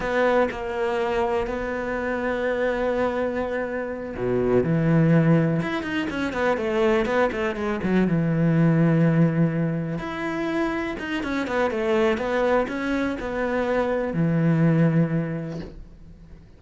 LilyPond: \new Staff \with { instrumentName = "cello" } { \time 4/4 \tempo 4 = 123 b4 ais2 b4~ | b1~ | b8 b,4 e2 e'8 | dis'8 cis'8 b8 a4 b8 a8 gis8 |
fis8 e2.~ e8~ | e8 e'2 dis'8 cis'8 b8 | a4 b4 cis'4 b4~ | b4 e2. | }